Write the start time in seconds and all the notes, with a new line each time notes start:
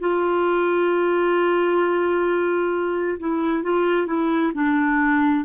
0.00 F4
3.19 E4
3.63 F4
4.07 E4
4.54 D4